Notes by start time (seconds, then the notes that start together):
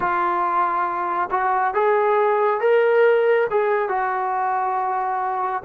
0.00 F4
1.30 F#4
1.74 G#4
2.60 A#4
3.50 G#4
3.89 F#4